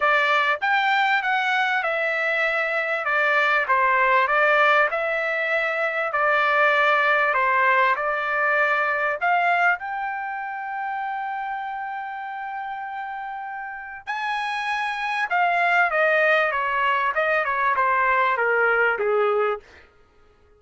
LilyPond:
\new Staff \with { instrumentName = "trumpet" } { \time 4/4 \tempo 4 = 98 d''4 g''4 fis''4 e''4~ | e''4 d''4 c''4 d''4 | e''2 d''2 | c''4 d''2 f''4 |
g''1~ | g''2. gis''4~ | gis''4 f''4 dis''4 cis''4 | dis''8 cis''8 c''4 ais'4 gis'4 | }